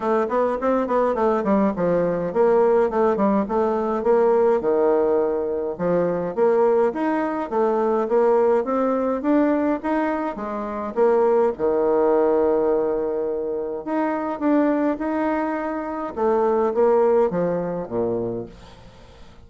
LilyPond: \new Staff \with { instrumentName = "bassoon" } { \time 4/4 \tempo 4 = 104 a8 b8 c'8 b8 a8 g8 f4 | ais4 a8 g8 a4 ais4 | dis2 f4 ais4 | dis'4 a4 ais4 c'4 |
d'4 dis'4 gis4 ais4 | dis1 | dis'4 d'4 dis'2 | a4 ais4 f4 ais,4 | }